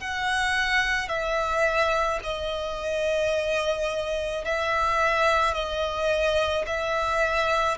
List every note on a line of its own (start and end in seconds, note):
0.00 1.09 F#5
1.09 2.20 E5
2.24 4.45 D#5
4.45 5.55 E5
5.55 6.66 D#5
6.67 7.78 E5